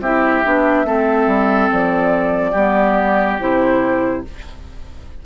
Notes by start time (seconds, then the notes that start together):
0.00 C4 E4 G4 E5
0.44 B3 D4
0.85 A3 C4 A4
1.26 G3
1.72 F3 D5
2.51 G3 B3 G4
3.39 C3 E4 C5